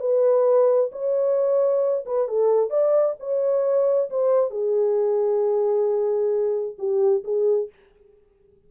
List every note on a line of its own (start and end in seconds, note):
0.00 0.90 B4
0.92 2.05 C#5
2.05 2.28 B4
2.28 2.70 A4
2.70 3.15 D5
3.19 4.09 C#5
4.10 4.51 C5
4.51 6.76 G#4
6.78 7.23 G4
7.24 7.69 G#4